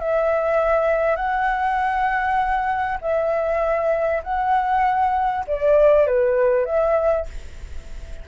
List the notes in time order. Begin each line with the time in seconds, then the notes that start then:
0.00 E5
1.16 F#5
3.01 E5
4.23 F#5
5.47 D5
6.07 B4
6.65 E5